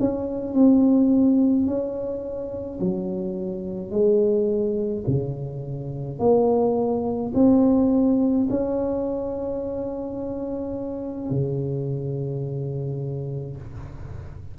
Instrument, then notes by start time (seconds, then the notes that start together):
tuba
0.00 C#4
0.54 C4
1.67 C#4
2.80 F#3
3.91 G#3
5.07 C#3
6.20 A#3
7.35 C4
8.50 C#4
11.31 C#3